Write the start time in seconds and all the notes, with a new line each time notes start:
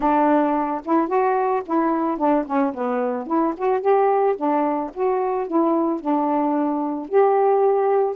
0.00 D4
0.84 E4
1.08 F#4
1.66 E4
2.17 D4
2.46 C#4
2.74 B3
3.26 E4
3.57 F#4
3.81 G4
4.36 D4
4.93 F#4
5.47 E4
6.00 D4
7.08 G4